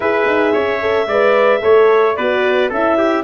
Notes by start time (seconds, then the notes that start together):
0.00 E4 G#4 B4 E5
0.26 D#4
0.53 C#4 C#5
0.80 A4
1.06 G#3 B4 D5
1.60 A3 A4 C#5
2.15 B3 F#4 B4 D5
2.69 C#4 E4 A4 E5
2.97 G4